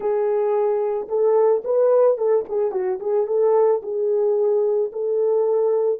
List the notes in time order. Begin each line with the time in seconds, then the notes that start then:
0.00 G#4
1.08 A4
1.64 B4
2.17 A4
2.48 G#4
2.71 F#4
3.00 G#4
3.27 A4
3.82 G#4
4.92 A4